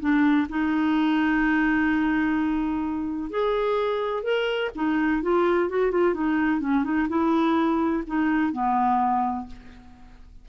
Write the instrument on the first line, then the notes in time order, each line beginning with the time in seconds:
clarinet
0.00 D4
0.49 D#4
3.30 G#4
4.23 A#4
4.75 D#4
5.22 F4
5.69 F#4
5.91 F4
6.14 D#4
6.61 C#4
6.84 D#4
7.09 E4
8.07 D#4
8.52 B3